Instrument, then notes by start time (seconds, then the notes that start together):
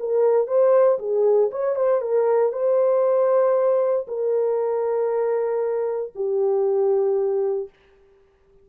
horn
0.00 A#4
0.47 C5
0.99 G#4
1.51 C#5
1.76 C5
2.01 A#4
2.53 C5
4.08 A#4
6.15 G4